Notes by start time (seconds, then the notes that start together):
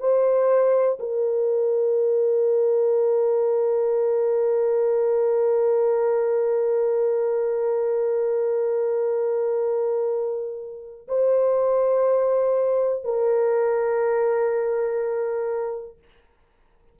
0.00 C5
0.99 A#4
11.07 C5
13.04 A#4